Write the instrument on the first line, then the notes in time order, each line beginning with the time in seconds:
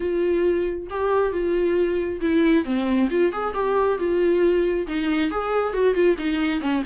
viola
0.00 F4
0.90 G4
1.32 F4
2.21 E4
2.65 C4
3.10 F4
3.32 G#4
3.54 G4
3.98 F4
4.87 D#4
5.30 G#4
5.73 F#4
5.94 F4
6.18 D#4
6.60 C#4